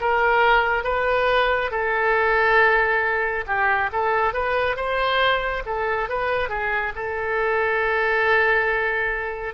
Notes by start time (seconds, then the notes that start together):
0.00 A#4
0.84 B4
1.71 A4
3.46 G4
3.92 A4
4.33 B4
4.76 C5
5.65 A4
6.09 B4
6.49 G#4
6.95 A4